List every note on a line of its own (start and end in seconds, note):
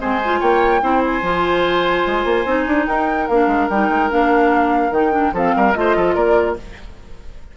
0.00 0.41 G#3
0.00 0.21 C4
0.00 0.40 C5
0.00 0.41 G#5
0.25 0.82 F4
0.40 0.82 A#3
0.40 0.81 C#5
0.40 1.03 G5
0.82 1.22 C4
0.82 1.23 E4
0.82 2.87 C5
1.05 2.87 G#5
1.22 2.05 F3
1.22 2.46 F4
2.07 2.25 G#3
2.25 2.45 A#3
2.46 2.67 C4
2.46 3.29 D#4
2.67 2.87 D4
2.87 3.29 D#4
2.87 5.34 A#4
2.87 3.28 G5
3.28 3.47 A#3
3.28 3.72 D4
3.28 3.69 F5
3.47 3.68 G#3
3.70 3.90 G3
3.70 4.10 D#4
3.70 4.11 G5
3.90 4.10 G#3
4.10 4.91 A#3
4.10 4.92 D4
4.10 4.93 F5
4.91 5.32 D#3
4.91 5.12 D#4
4.91 5.34 G5
5.12 5.32 D4
5.33 5.54 F3
5.33 5.75 C4
5.33 5.55 A4
5.33 5.74 F5
5.57 5.76 G3
5.57 5.77 A#4
5.74 5.96 A3
5.74 6.57 F4
5.74 6.15 D#5
5.80 5.96 C5
5.96 6.16 F3
5.96 6.15 A4
6.15 6.57 A#3
6.15 6.56 A#4
6.15 6.56 D5